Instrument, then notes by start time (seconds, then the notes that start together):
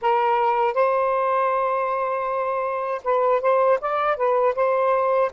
saxophone
0.01 A#4
0.74 C5
3.03 B4
3.41 C5
3.80 D5
4.16 B4
4.55 C5